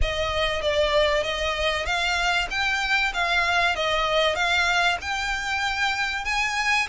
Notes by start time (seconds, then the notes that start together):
0.01 D#5
0.61 D5
1.23 D#5
1.85 F5
2.50 G5
3.13 F5
3.75 D#5
4.35 F5
5.01 G5
6.24 G#5